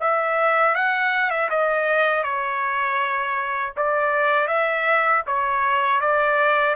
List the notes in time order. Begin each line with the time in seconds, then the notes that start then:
0.00 E5
0.75 F#5
1.30 E5
1.50 D#5
2.23 C#5
3.76 D5
4.47 E5
5.26 C#5
6.00 D5